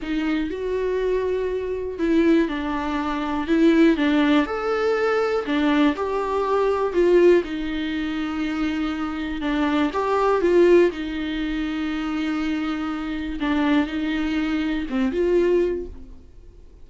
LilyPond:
\new Staff \with { instrumentName = "viola" } { \time 4/4 \tempo 4 = 121 dis'4 fis'2. | e'4 d'2 e'4 | d'4 a'2 d'4 | g'2 f'4 dis'4~ |
dis'2. d'4 | g'4 f'4 dis'2~ | dis'2. d'4 | dis'2 c'8 f'4. | }